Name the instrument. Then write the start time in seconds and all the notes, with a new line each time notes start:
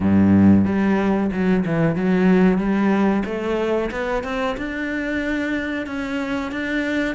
cello
0.00 G2
0.65 G3
1.32 F#3
1.65 E3
1.95 F#3
2.58 G3
3.25 A3
3.91 B3
4.23 C4
4.57 D4
5.86 C#4
6.51 D4